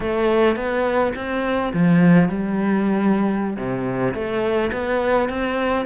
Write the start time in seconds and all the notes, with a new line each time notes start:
0.00 A3
0.56 B3
1.15 C4
1.73 F3
2.29 G3
3.57 C3
4.14 A3
4.72 B3
5.29 C4